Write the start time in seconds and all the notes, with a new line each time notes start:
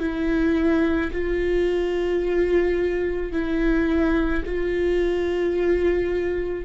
0.00 E4
1.12 F4
3.32 E4
4.45 F4